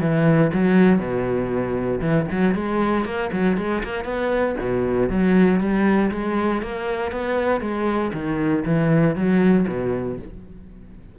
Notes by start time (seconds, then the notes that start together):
0.00 E3
0.53 F#3
0.98 B2
2.01 E3
2.31 F#3
2.54 G#3
3.05 A#3
3.32 F#3
3.57 G#3
3.83 A#3
4.04 B3
4.60 B2
5.09 F#3
5.60 G3
6.11 G#3
6.62 A#3
7.11 B3
7.60 G#3
8.13 D#3
8.65 E3
9.15 F#3
9.67 B2